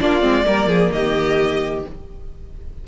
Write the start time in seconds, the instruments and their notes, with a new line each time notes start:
0.00 cello A#3, viola D4, violin F4 D5
0.21 cello G#3, viola C4
0.45 cello G3, viola A#3, violin A#4
0.66 cello F3, violin G#4
0.92 cello D#3, violin G4 D#5